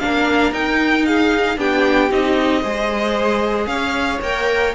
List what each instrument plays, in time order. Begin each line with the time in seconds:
0.00 cello A#3, viola D4, violin A#4 F5
0.52 cello D#4, viola D#4, violin G5
1.06 violin G#4 F5
1.57 cello B3, viola D4, violin G4 G5
2.11 cello C4, viola D#4, violin D#5
2.62 cello G#3, viola G#4, violin C5
3.67 cello C#4, violin C#5 F5
4.22 cello A#3, viola A#4, violin G5